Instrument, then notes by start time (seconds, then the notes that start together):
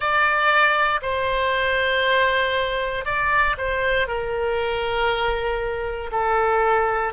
oboe
0.00 D5
1.02 C5
3.05 D5
3.57 C5
4.07 A#4
6.11 A4